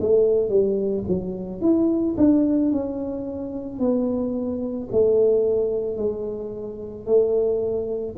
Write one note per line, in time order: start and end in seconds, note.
0.00 0.50 A3
0.50 1.04 G3
1.08 1.61 F#3
1.61 2.15 E4
2.17 2.71 D4
2.71 3.79 C#4
3.79 4.88 B3
4.91 5.97 A3
5.97 7.06 G#3
7.06 8.15 A3